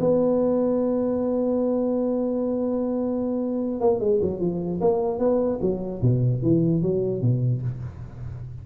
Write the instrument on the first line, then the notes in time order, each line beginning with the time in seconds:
tuba
0.00 B3
3.81 A#3
4.00 G#3
4.22 F#3
4.40 F3
4.80 A#3
5.19 B3
5.61 F#3
6.02 B2
6.42 E3
6.82 F#3
7.21 B2